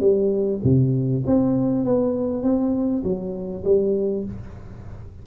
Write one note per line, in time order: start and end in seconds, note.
0.00 0.60 G3
0.63 1.23 C3
1.27 1.85 C4
1.85 2.43 B3
2.43 3.03 C4
3.04 3.64 F#3
3.64 4.24 G3